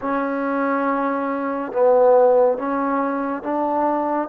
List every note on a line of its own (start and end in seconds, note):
0.01 1.72 C#4
1.72 2.58 B3
2.58 3.42 C#4
3.42 4.28 D4